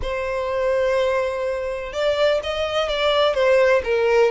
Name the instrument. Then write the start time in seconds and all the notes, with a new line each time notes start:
violin
0.01 C5
1.92 D5
2.43 D#5
2.88 D5
3.33 C5
3.84 A#4